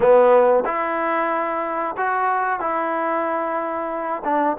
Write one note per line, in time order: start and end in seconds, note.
0.00 0.63 B3
0.65 1.95 E4
1.97 2.59 F#4
2.59 4.22 E4
4.24 4.57 D4